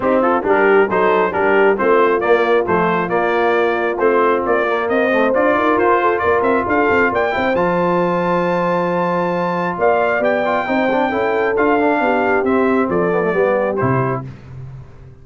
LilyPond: <<
  \new Staff \with { instrumentName = "trumpet" } { \time 4/4 \tempo 4 = 135 g'8 a'8 ais'4 c''4 ais'4 | c''4 d''4 c''4 d''4~ | d''4 c''4 d''4 dis''4 | d''4 c''4 d''8 e''8 f''4 |
g''4 a''2.~ | a''2 f''4 g''4~ | g''2 f''2 | e''4 d''2 c''4 | }
  \new Staff \with { instrumentName = "horn" } { \time 4/4 dis'8 f'8 g'4 a'4 g'4 | f'1~ | f'2. c''4~ | c''8 ais'4 a'8 ais'4 a'4 |
d''8 c''2.~ c''8~ | c''2 d''2 | c''4 a'2 g'4~ | g'4 a'4 g'2 | }
  \new Staff \with { instrumentName = "trombone" } { \time 4/4 c'4 d'4 dis'4 d'4 | c'4 ais4 a4 ais4~ | ais4 c'4. ais4 a8 | f'1~ |
f'8 e'8 f'2.~ | f'2. g'8 f'8 | dis'8 d'8 e'4 f'8 d'4. | c'4. b16 a16 b4 e'4 | }
  \new Staff \with { instrumentName = "tuba" } { \time 4/4 c'4 g4 fis4 g4 | a4 ais4 f4 ais4~ | ais4 a4 ais4 c'4 | d'8 dis'8 f'4 ais8 c'8 d'8 c'8 |
ais8 c'8 f2.~ | f2 ais4 b4 | c'4 cis'4 d'4 b4 | c'4 f4 g4 c4 | }
>>